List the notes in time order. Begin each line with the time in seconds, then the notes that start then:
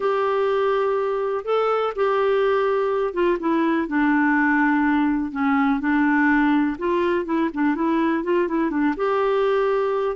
0.00 G4
1.44 A4
1.95 G4
3.13 F4
3.39 E4
3.87 D4
5.31 C#4
5.80 D4
6.78 F4
7.25 E4
7.53 D4
7.75 E4
8.23 F4
8.48 E4
8.70 D4
8.96 G4